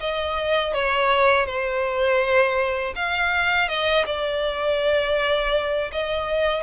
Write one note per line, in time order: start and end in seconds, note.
0.00 0.73 D#5
0.73 1.46 C#5
1.46 2.94 C5
2.95 3.68 F5
3.68 4.05 D#5
4.06 5.91 D5
5.92 6.63 D#5